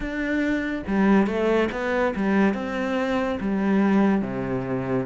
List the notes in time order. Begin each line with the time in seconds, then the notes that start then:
0.00 D4
0.87 G3
1.26 A3
1.71 B3
2.15 G3
2.54 C4
3.40 G3
4.21 C3